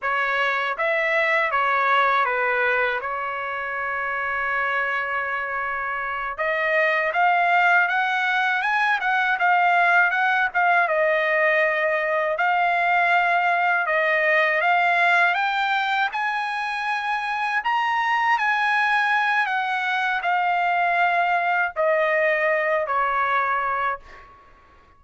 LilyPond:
\new Staff \with { instrumentName = "trumpet" } { \time 4/4 \tempo 4 = 80 cis''4 e''4 cis''4 b'4 | cis''1~ | cis''8 dis''4 f''4 fis''4 gis''8 | fis''8 f''4 fis''8 f''8 dis''4.~ |
dis''8 f''2 dis''4 f''8~ | f''8 g''4 gis''2 ais''8~ | ais''8 gis''4. fis''4 f''4~ | f''4 dis''4. cis''4. | }